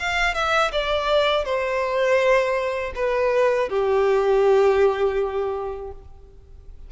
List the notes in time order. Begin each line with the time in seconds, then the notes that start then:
0.00 F5
0.35 E5
0.73 D5
1.45 C5
2.96 B4
3.70 G4